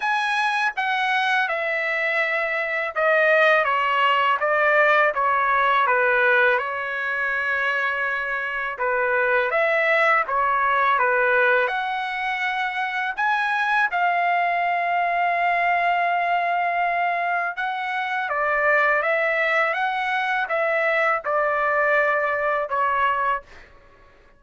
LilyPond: \new Staff \with { instrumentName = "trumpet" } { \time 4/4 \tempo 4 = 82 gis''4 fis''4 e''2 | dis''4 cis''4 d''4 cis''4 | b'4 cis''2. | b'4 e''4 cis''4 b'4 |
fis''2 gis''4 f''4~ | f''1 | fis''4 d''4 e''4 fis''4 | e''4 d''2 cis''4 | }